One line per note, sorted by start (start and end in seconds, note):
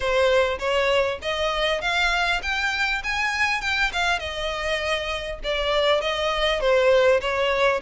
0.00 0.58 C5
0.58 1.18 C#5
1.22 1.81 D#5
1.81 2.41 F5
2.42 3.02 G5
3.03 3.61 G#5
3.61 3.91 G5
3.92 4.19 F5
4.19 5.39 D#5
5.43 6.01 D5
6.01 6.60 D#5
6.60 7.20 C5
7.20 7.80 C#5